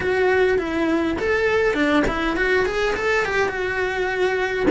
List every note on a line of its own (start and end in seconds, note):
0.00 0.58 F#4
0.58 1.17 E4
1.18 1.74 A4
1.74 2.03 D4
2.07 2.36 E4
2.36 2.65 F#4
2.65 2.95 G#4
2.95 3.25 A4
3.25 3.49 G4
3.49 4.66 F#4